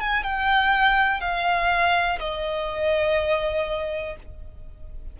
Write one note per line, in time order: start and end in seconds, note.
0.00 0.23 G#5
0.23 1.20 G5
1.20 2.19 F5
2.19 4.16 D#5